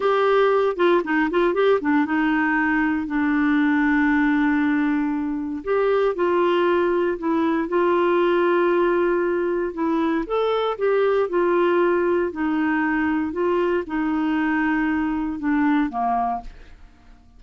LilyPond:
\new Staff \with { instrumentName = "clarinet" } { \time 4/4 \tempo 4 = 117 g'4. f'8 dis'8 f'8 g'8 d'8 | dis'2 d'2~ | d'2. g'4 | f'2 e'4 f'4~ |
f'2. e'4 | a'4 g'4 f'2 | dis'2 f'4 dis'4~ | dis'2 d'4 ais4 | }